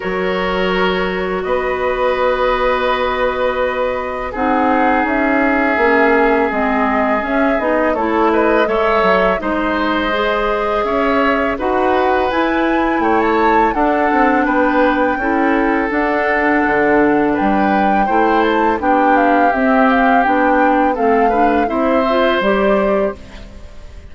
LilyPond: <<
  \new Staff \with { instrumentName = "flute" } { \time 4/4 \tempo 4 = 83 cis''2 dis''2~ | dis''2 fis''4 e''4~ | e''4 dis''4 e''8 dis''8 cis''8 dis''8 | e''4 dis''2 e''4 |
fis''4 gis''4 g''16 a''8. fis''4 | g''2 fis''2 | g''4. a''8 g''8 f''8 e''8 f''8 | g''4 f''4 e''4 d''4 | }
  \new Staff \with { instrumentName = "oboe" } { \time 4/4 ais'2 b'2~ | b'2 gis'2~ | gis'2. a'8 b'8 | cis''4 c''2 cis''4 |
b'2 cis''4 a'4 | b'4 a'2. | b'4 c''4 g'2~ | g'4 a'8 b'8 c''2 | }
  \new Staff \with { instrumentName = "clarinet" } { \time 4/4 fis'1~ | fis'2 dis'2 | cis'4 c'4 cis'8 dis'8 e'4 | a'4 dis'4 gis'2 |
fis'4 e'2 d'4~ | d'4 e'4 d'2~ | d'4 e'4 d'4 c'4 | d'4 c'8 d'8 e'8 f'8 g'4 | }
  \new Staff \with { instrumentName = "bassoon" } { \time 4/4 fis2 b2~ | b2 c'4 cis'4 | ais4 gis4 cis'8 b8 a4 | gis8 fis8 gis2 cis'4 |
dis'4 e'4 a4 d'8 c'8 | b4 cis'4 d'4 d4 | g4 a4 b4 c'4 | b4 a4 c'4 g4 | }
>>